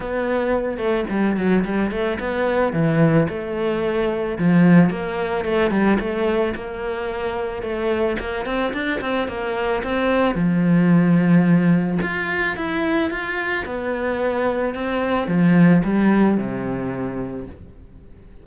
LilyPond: \new Staff \with { instrumentName = "cello" } { \time 4/4 \tempo 4 = 110 b4. a8 g8 fis8 g8 a8 | b4 e4 a2 | f4 ais4 a8 g8 a4 | ais2 a4 ais8 c'8 |
d'8 c'8 ais4 c'4 f4~ | f2 f'4 e'4 | f'4 b2 c'4 | f4 g4 c2 | }